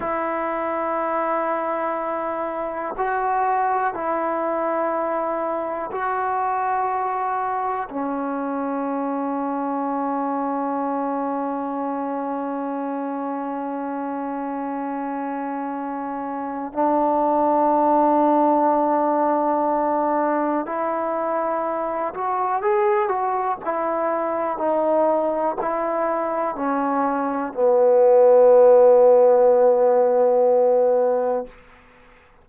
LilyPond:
\new Staff \with { instrumentName = "trombone" } { \time 4/4 \tempo 4 = 61 e'2. fis'4 | e'2 fis'2 | cis'1~ | cis'1~ |
cis'4 d'2.~ | d'4 e'4. fis'8 gis'8 fis'8 | e'4 dis'4 e'4 cis'4 | b1 | }